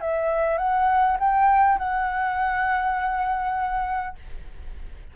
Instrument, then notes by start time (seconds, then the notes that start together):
flute
0.00 E5
0.58 F#5
1.19 G5
1.78 F#5